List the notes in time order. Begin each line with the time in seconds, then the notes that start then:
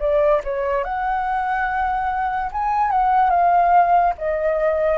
0.00 D5
0.44 C#5
0.84 F#5
2.52 G#5
2.91 F#5
3.30 F5
4.18 D#5